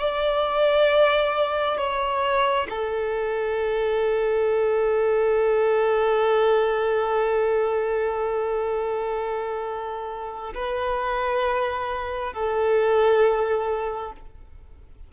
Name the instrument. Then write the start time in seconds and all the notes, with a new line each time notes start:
violin
0.00 D5
1.78 C#5
2.70 A4
10.55 B4
12.33 A4